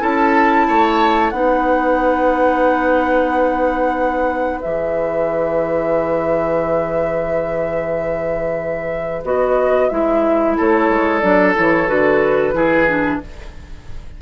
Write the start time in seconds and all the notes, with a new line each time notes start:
0.00 C#4 E4 A4 A5
0.68 A3 C#5
1.30 B3 D#4 B4 F#5
4.61 E3 G#4 E5
9.23 B3 F#4 D#5
9.89 G#3 E4 E5
10.57 A3 A4 C#5
10.89 G#3
11.19 F#3 D4 D5
11.55 E3 E4 C#5
11.87 D3 F#4 B4
12.53 E3 E4 G#4
12.88 D4